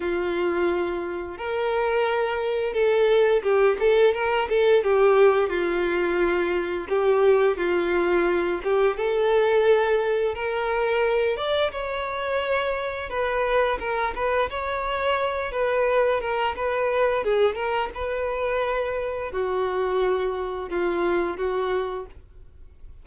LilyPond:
\new Staff \with { instrumentName = "violin" } { \time 4/4 \tempo 4 = 87 f'2 ais'2 | a'4 g'8 a'8 ais'8 a'8 g'4 | f'2 g'4 f'4~ | f'8 g'8 a'2 ais'4~ |
ais'8 d''8 cis''2 b'4 | ais'8 b'8 cis''4. b'4 ais'8 | b'4 gis'8 ais'8 b'2 | fis'2 f'4 fis'4 | }